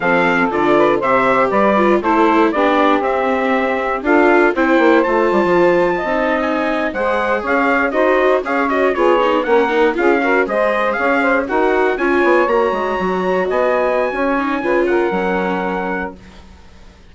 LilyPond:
<<
  \new Staff \with { instrumentName = "trumpet" } { \time 4/4 \tempo 4 = 119 f''4 d''4 e''4 d''4 | c''4 d''4 e''2 | f''4 g''4 a''2~ | a''8. gis''4 fis''4 f''4 dis''16~ |
dis''8. f''8 dis''8 cis''4 fis''4 f''16~ | f''8. dis''4 f''4 fis''4 gis''16~ | gis''8. ais''2 gis''4~ gis''16~ | gis''4. fis''2~ fis''8 | }
  \new Staff \with { instrumentName = "saxophone" } { \time 4/4 a'4. b'8 c''4 b'4 | a'4 g'2. | a'4 c''2~ c''8. dis''16~ | dis''4.~ dis''16 c''4 cis''4 c''16~ |
c''8. cis''4 gis'4 ais'4 gis'16~ | gis'16 ais'8 c''4 cis''8 c''8 ais'4 cis''16~ | cis''2~ cis''8. dis''4~ dis''16 | cis''4 b'8 ais'2~ ais'8 | }
  \new Staff \with { instrumentName = "viola" } { \time 4/4 c'4 f'4 g'4. f'8 | e'4 d'4 c'2 | f'4 e'4 f'2 | dis'4.~ dis'16 gis'2 fis'16~ |
fis'8. gis'8 fis'8 f'8 dis'8 cis'8 dis'8 f'16~ | f'16 fis'8 gis'2 fis'4 f'16~ | f'8. fis'2.~ fis'16~ | fis'8 dis'8 f'4 cis'2 | }
  \new Staff \with { instrumentName = "bassoon" } { \time 4/4 f4 d4 c4 g4 | a4 b4 c'2 | d'4 c'8 ais8 a8 g16 f4~ f16 | c'4.~ c'16 gis4 cis'4 dis'16~ |
dis'8. cis'4 b4 ais4 cis'16~ | cis'8. gis4 cis'4 dis'4 cis'16~ | cis'16 b8 ais8 gis8 fis4 b4~ b16 | cis'4 cis4 fis2 | }
>>